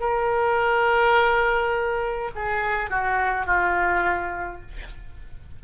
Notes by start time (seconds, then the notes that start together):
0.00 A#4
2.35 G#4
2.90 F#4
3.46 F4